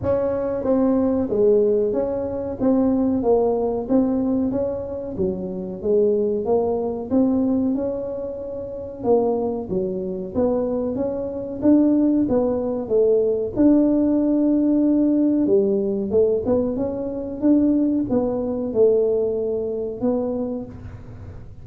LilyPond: \new Staff \with { instrumentName = "tuba" } { \time 4/4 \tempo 4 = 93 cis'4 c'4 gis4 cis'4 | c'4 ais4 c'4 cis'4 | fis4 gis4 ais4 c'4 | cis'2 ais4 fis4 |
b4 cis'4 d'4 b4 | a4 d'2. | g4 a8 b8 cis'4 d'4 | b4 a2 b4 | }